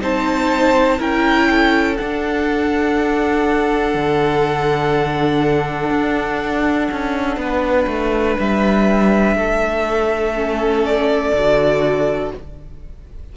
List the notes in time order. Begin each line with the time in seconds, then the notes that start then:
0.00 C4 D#4 C5 A5
0.98 C#4 E4 A#4 G5
1.50 A4
1.96 D4 F#5
3.94 D3
5.90 D4
6.91 C#4
7.36 B3 B4
7.87 A3
8.39 G3 E5
9.35 A3 A4
10.35 C#4
10.85 D5
11.33 D3 F#4